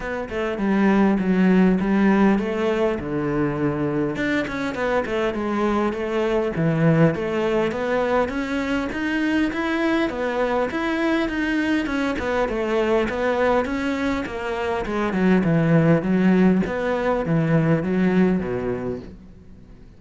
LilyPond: \new Staff \with { instrumentName = "cello" } { \time 4/4 \tempo 4 = 101 b8 a8 g4 fis4 g4 | a4 d2 d'8 cis'8 | b8 a8 gis4 a4 e4 | a4 b4 cis'4 dis'4 |
e'4 b4 e'4 dis'4 | cis'8 b8 a4 b4 cis'4 | ais4 gis8 fis8 e4 fis4 | b4 e4 fis4 b,4 | }